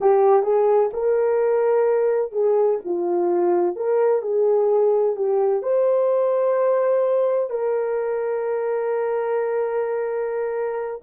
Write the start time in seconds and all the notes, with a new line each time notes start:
0.00 G4
0.43 G#4
0.93 A#4
2.31 G#4
2.84 F4
3.75 A#4
4.22 G#4
5.16 G4
5.62 C5
7.50 A#4